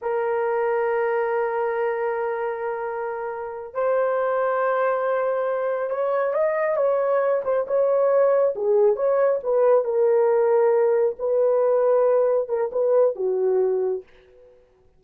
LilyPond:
\new Staff \with { instrumentName = "horn" } { \time 4/4 \tempo 4 = 137 ais'1~ | ais'1~ | ais'8 c''2.~ c''8~ | c''4. cis''4 dis''4 cis''8~ |
cis''4 c''8 cis''2 gis'8~ | gis'8 cis''4 b'4 ais'4.~ | ais'4. b'2~ b'8~ | b'8 ais'8 b'4 fis'2 | }